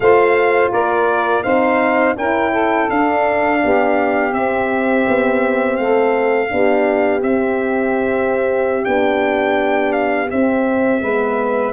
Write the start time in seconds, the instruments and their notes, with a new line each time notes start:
0.00 tuba A3, horn F4, saxophone C5, trumpet F5
0.71 tuba A#3, saxophone A#4, trumpet D5
1.43 tuba C4, horn D#4, saxophone C5, trumpet F5
2.16 tuba C#4, horn E4, saxophone A#4, trumpet G5
2.51 saxophone A4
2.89 horn D4, tuba D4, trumpet F5
3.62 tuba B3, saxophone G4
4.32 tuba C4, horn C4, trumpet E5
5.08 tuba B3
5.76 tuba A3, saxophone A4, trumpet F5
6.48 tuba B3, horn D4, saxophone G4
7.21 horn C4, tuba C4, trumpet E5
8.84 tuba B3, horn D4, trumpet G5
9.92 trumpet F5
10.30 horn C4, tuba C4, trumpet E5
11.01 tuba G#3, horn B3, saxophone B4